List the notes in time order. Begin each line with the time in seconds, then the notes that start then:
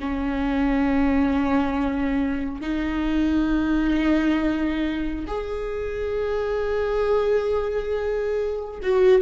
0.00 C#4
2.61 D#4
5.27 G#4
8.83 F#4